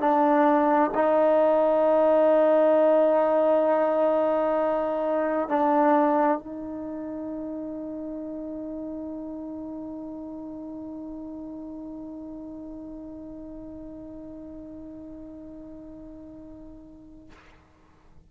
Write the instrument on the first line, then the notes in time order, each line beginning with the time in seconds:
trombone
0.00 D4
0.95 D#4
5.49 D4
6.39 D#4